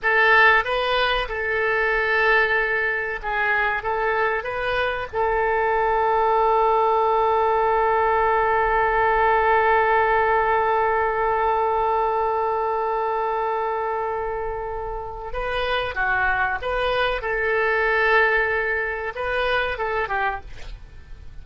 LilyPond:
\new Staff \with { instrumentName = "oboe" } { \time 4/4 \tempo 4 = 94 a'4 b'4 a'2~ | a'4 gis'4 a'4 b'4 | a'1~ | a'1~ |
a'1~ | a'1 | b'4 fis'4 b'4 a'4~ | a'2 b'4 a'8 g'8 | }